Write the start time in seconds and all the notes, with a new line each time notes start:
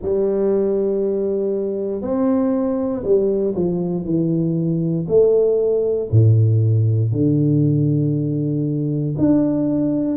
0.01 G3
2.01 C4
3.03 G3
3.55 F3
4.04 E3
5.08 A3
6.11 A2
7.12 D3
9.18 D4